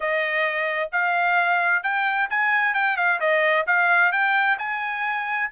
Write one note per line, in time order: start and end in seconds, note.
0.00 0.90 D#5
0.92 1.83 F5
1.83 2.28 G5
2.30 2.74 G#5
2.74 2.96 G5
2.96 3.19 F5
3.20 3.66 D#5
3.66 4.12 F5
4.12 4.57 G5
4.58 5.50 G#5